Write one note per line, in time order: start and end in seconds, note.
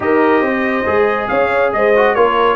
0.00 0.41 D#4
0.00 0.84 G4
0.00 0.43 A#4
0.00 1.27 D#5
0.41 0.84 C4
0.41 1.29 C5
0.86 1.29 G#3
0.86 1.93 G#4
1.27 1.72 C#4
1.27 1.73 C#5
1.27 1.70 F5
1.72 2.15 G#3
1.72 2.15 C5
1.72 2.15 D#5
1.96 2.16 F#4
2.15 2.56 A#3
2.15 2.56 F4
2.15 2.56 A#4
2.15 2.56 C#5